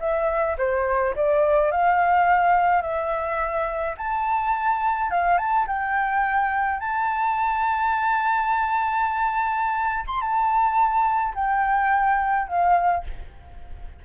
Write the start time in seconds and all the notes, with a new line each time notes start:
0.00 E5
0.58 C5
1.16 D5
1.71 F5
2.82 E5
3.98 A5
5.11 F5
5.38 A5
5.67 G5
6.80 A5
10.07 C6
10.21 A5
11.35 G5
12.48 F5